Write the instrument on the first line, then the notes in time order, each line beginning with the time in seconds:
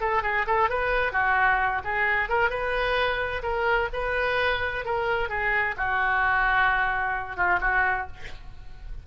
oboe
0.00 A4
0.22 G#4
0.46 A4
0.69 B4
1.12 F#4
1.84 G#4
2.29 A#4
2.50 B4
3.42 A#4
3.93 B4
4.85 A#4
5.28 G#4
5.77 F#4
7.36 F4
7.60 F#4